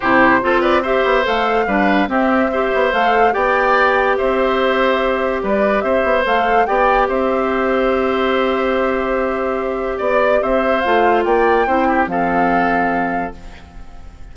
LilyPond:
<<
  \new Staff \with { instrumentName = "flute" } { \time 4/4 \tempo 4 = 144 c''4. d''8 e''4 f''4~ | f''4 e''2 f''4 | g''2 e''2~ | e''4 d''4 e''4 f''4 |
g''4 e''2.~ | e''1 | d''4 e''4 f''4 g''4~ | g''4 f''2. | }
  \new Staff \with { instrumentName = "oboe" } { \time 4/4 g'4 a'8 b'8 c''2 | b'4 g'4 c''2 | d''2 c''2~ | c''4 b'4 c''2 |
d''4 c''2.~ | c''1 | d''4 c''2 d''4 | c''8 g'8 a'2. | }
  \new Staff \with { instrumentName = "clarinet" } { \time 4/4 e'4 f'4 g'4 a'4 | d'4 c'4 g'4 a'4 | g'1~ | g'2. a'4 |
g'1~ | g'1~ | g'2 f'2 | e'4 c'2. | }
  \new Staff \with { instrumentName = "bassoon" } { \time 4/4 c4 c'4. b8 a4 | g4 c'4. b8 a4 | b2 c'2~ | c'4 g4 c'8 b8 a4 |
b4 c'2.~ | c'1 | b4 c'4 a4 ais4 | c'4 f2. | }
>>